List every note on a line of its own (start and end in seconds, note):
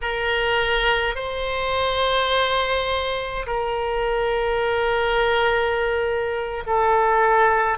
0.01 1.15 A#4
1.15 3.46 C5
3.46 6.63 A#4
6.66 7.78 A4